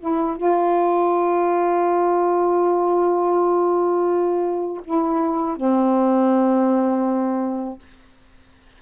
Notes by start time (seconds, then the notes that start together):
0.00 E4
0.37 F4
4.85 E4
5.57 C4